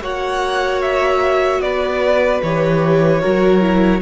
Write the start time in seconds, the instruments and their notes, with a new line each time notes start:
0.00 cello A#3, viola F#4, violin C#5 F#5
0.81 violin E5
1.61 cello B3, violin B4 D5
2.43 cello E3, viola G4, violin C#5
3.21 cello F#3, viola F#4, violin A#4
3.61 viola E4